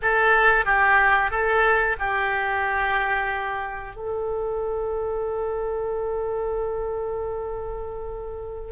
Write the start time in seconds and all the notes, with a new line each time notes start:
0.01 A4
0.65 G4
1.30 A4
1.99 G4
3.95 A4